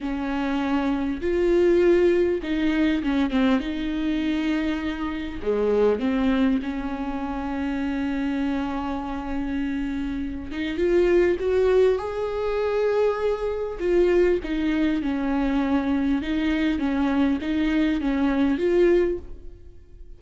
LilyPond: \new Staff \with { instrumentName = "viola" } { \time 4/4 \tempo 4 = 100 cis'2 f'2 | dis'4 cis'8 c'8 dis'2~ | dis'4 gis4 c'4 cis'4~ | cis'1~ |
cis'4. dis'8 f'4 fis'4 | gis'2. f'4 | dis'4 cis'2 dis'4 | cis'4 dis'4 cis'4 f'4 | }